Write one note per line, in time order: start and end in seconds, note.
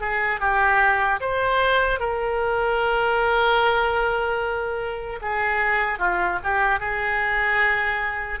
0.00 0.40 G#4
0.40 1.20 G4
1.20 1.99 C5
1.99 5.19 A#4
5.21 5.98 G#4
5.98 6.38 F4
6.43 6.79 G4
6.79 8.39 G#4